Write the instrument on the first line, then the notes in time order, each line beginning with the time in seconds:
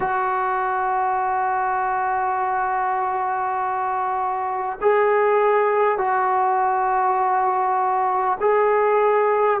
trombone
0.00 F#4
4.81 G#4
5.97 F#4
8.40 G#4